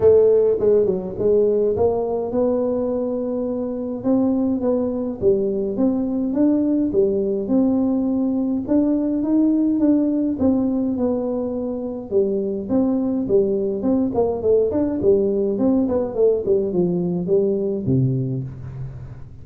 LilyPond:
\new Staff \with { instrumentName = "tuba" } { \time 4/4 \tempo 4 = 104 a4 gis8 fis8 gis4 ais4 | b2. c'4 | b4 g4 c'4 d'4 | g4 c'2 d'4 |
dis'4 d'4 c'4 b4~ | b4 g4 c'4 g4 | c'8 ais8 a8 d'8 g4 c'8 b8 | a8 g8 f4 g4 c4 | }